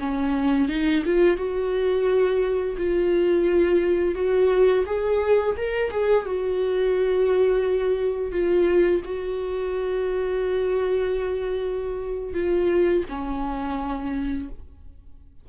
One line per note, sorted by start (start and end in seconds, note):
0.00 0.69 C#4
0.69 1.04 D#4
1.06 1.37 F4
1.37 2.77 F#4
2.78 4.15 F4
4.15 4.85 F#4
4.87 5.57 G#4
5.58 5.91 A#4
5.91 6.26 G#4
6.26 8.32 F#4
8.32 9.02 F4
9.05 12.34 F#4
12.34 13.04 F4
13.09 14.49 C#4